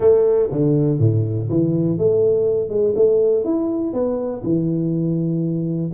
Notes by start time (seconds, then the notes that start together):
0.00 A3
0.51 D3
0.99 A2
1.49 E3
1.98 A3
2.69 G#3
2.95 A3
3.44 E4
3.93 B3
4.43 E3